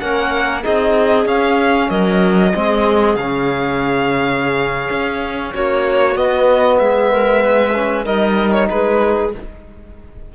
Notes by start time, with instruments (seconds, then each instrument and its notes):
0.00 cello A#3, trombone C#4, clarinet A#4, violin F#5
0.62 cello C4, trombone D#4, clarinet G#4, violin D#5
1.26 trombone C#4, cello C#4, violin F5
1.89 cello F#3, clarinet A#4, violin D#5
2.54 cello G#3, trombone C4, clarinet G#4
3.16 cello C#3, trombone C#4, violin F5
4.91 cello C#4
5.54 cello A#3, clarinet F#4, violin C#5
6.15 trombone B3, cello B3, violin D#5
6.79 cello G#3, clarinet G#4, violin E5
7.12 clarinet A#4
7.43 clarinet B4
7.75 trombone C#4
8.05 cello G3, trombone D#4, clarinet A#4, violin D#5
8.52 violin C#5
8.70 cello G#3, clarinet G#4, violin B4